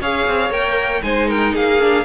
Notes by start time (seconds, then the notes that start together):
0.00 C#4 G#4 C#5 F5
0.27 C4
0.50 A#3 A#4 G5
1.02 G#3 D#4 C5 G#5
1.28 A#4 G5
1.54 A#3 G#4 F5
1.80 D4